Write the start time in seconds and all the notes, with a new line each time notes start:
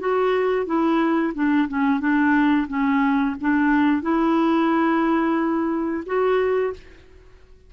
0.00 F#4
0.66 E4
1.35 D4
1.69 C#4
2.00 D4
2.68 C#4
3.41 D4
4.02 E4
6.06 F#4